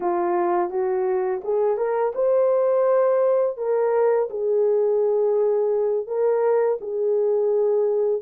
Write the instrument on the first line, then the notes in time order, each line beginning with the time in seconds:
horn
0.00 F4
0.69 F#4
1.44 G#4
1.77 A#4
2.15 C5
3.57 A#4
4.30 G#4
6.06 A#4
6.81 G#4